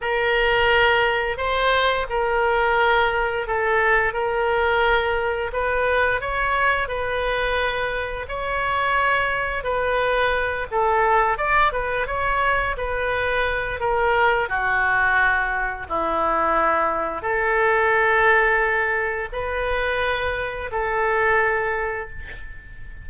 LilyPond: \new Staff \with { instrumentName = "oboe" } { \time 4/4 \tempo 4 = 87 ais'2 c''4 ais'4~ | ais'4 a'4 ais'2 | b'4 cis''4 b'2 | cis''2 b'4. a'8~ |
a'8 d''8 b'8 cis''4 b'4. | ais'4 fis'2 e'4~ | e'4 a'2. | b'2 a'2 | }